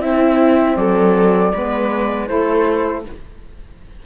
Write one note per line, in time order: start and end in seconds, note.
0.00 0.76 C4
0.00 1.53 C4
0.00 0.78 E4
0.00 0.77 E5
0.77 1.53 F#3
0.77 1.54 A4
0.77 2.28 D5
1.54 2.30 G#3
1.54 2.27 B3
1.54 2.30 B4
2.27 3.06 A3
2.27 3.03 E4
2.27 3.06 A4
2.27 3.04 C5